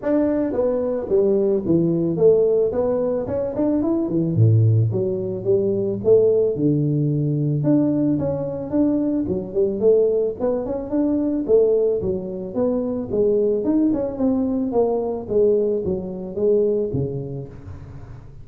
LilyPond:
\new Staff \with { instrumentName = "tuba" } { \time 4/4 \tempo 4 = 110 d'4 b4 g4 e4 | a4 b4 cis'8 d'8 e'8 e8 | a,4 fis4 g4 a4 | d2 d'4 cis'4 |
d'4 fis8 g8 a4 b8 cis'8 | d'4 a4 fis4 b4 | gis4 dis'8 cis'8 c'4 ais4 | gis4 fis4 gis4 cis4 | }